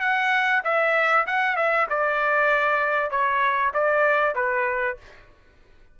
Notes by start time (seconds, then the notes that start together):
0.00 F#5
0.64 E5
1.26 F#5
1.56 E5
1.90 D5
3.10 C#5
3.74 D5
4.35 B4